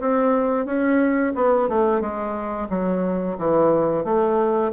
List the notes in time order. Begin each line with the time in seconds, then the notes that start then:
0.00 C4
0.66 C#4
1.35 B3
1.69 A3
2.01 G#3
2.70 F#3
3.38 E3
4.04 A3